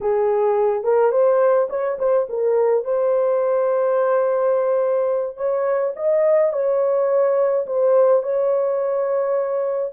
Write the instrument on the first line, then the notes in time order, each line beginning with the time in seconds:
horn
0.00 G#4
0.83 A#4
1.11 C5
1.69 C#5
1.98 C5
2.29 A#4
2.84 C5
5.36 C#5
5.96 D#5
6.52 C#5
7.66 C5
8.22 C#5